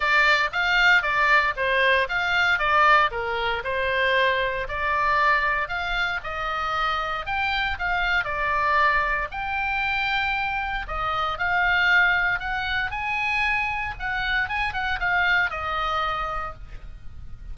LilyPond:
\new Staff \with { instrumentName = "oboe" } { \time 4/4 \tempo 4 = 116 d''4 f''4 d''4 c''4 | f''4 d''4 ais'4 c''4~ | c''4 d''2 f''4 | dis''2 g''4 f''4 |
d''2 g''2~ | g''4 dis''4 f''2 | fis''4 gis''2 fis''4 | gis''8 fis''8 f''4 dis''2 | }